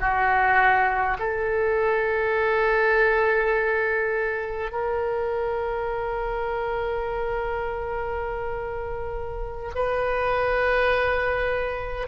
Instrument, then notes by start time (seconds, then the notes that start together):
oboe
0.00 F#4
1.19 A4
4.72 A#4
9.75 B4